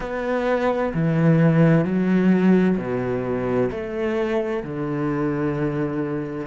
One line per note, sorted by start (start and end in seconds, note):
0.00 0.92 B3
0.94 1.85 E3
1.85 2.77 F#3
2.77 3.69 B2
3.70 4.63 A3
4.63 6.46 D3